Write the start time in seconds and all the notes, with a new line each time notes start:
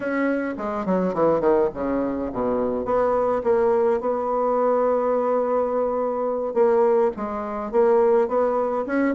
0.00 C#4
0.57 G#3
0.85 F#3
1.14 E3
1.40 D#3
1.74 C#3
2.32 B2
2.85 B3
3.43 A#3
4.00 B3
6.54 A#3
7.16 G#3
7.71 A#3
8.28 B3
8.86 C#4